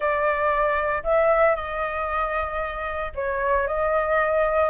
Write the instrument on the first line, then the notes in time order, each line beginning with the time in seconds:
flute
0.00 D5
1.03 E5
1.55 D#5
3.14 C#5
3.67 D#5